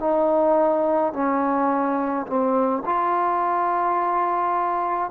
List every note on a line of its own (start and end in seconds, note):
0.00 1.13 D#4
1.13 2.26 C#4
2.27 2.84 C4
2.86 5.11 F4